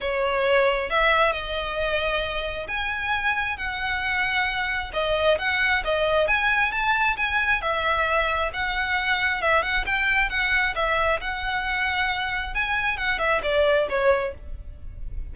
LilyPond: \new Staff \with { instrumentName = "violin" } { \time 4/4 \tempo 4 = 134 cis''2 e''4 dis''4~ | dis''2 gis''2 | fis''2. dis''4 | fis''4 dis''4 gis''4 a''4 |
gis''4 e''2 fis''4~ | fis''4 e''8 fis''8 g''4 fis''4 | e''4 fis''2. | gis''4 fis''8 e''8 d''4 cis''4 | }